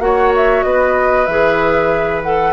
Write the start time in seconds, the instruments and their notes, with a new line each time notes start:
0.00 bassoon A#3, clarinet F#4, oboe C#5, flute F#5
0.36 flute E5
0.63 bassoon B3, oboe B4, flute D#5
1.27 bassoon E3, clarinet G#4, flute E5
2.24 clarinet A4, flute F#5